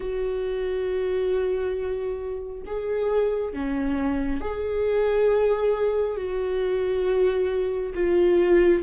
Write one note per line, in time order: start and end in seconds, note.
0.00 2.62 F#4
2.66 3.53 G#4
3.53 4.40 C#4
4.40 6.16 G#4
6.16 7.93 F#4
7.94 8.82 F4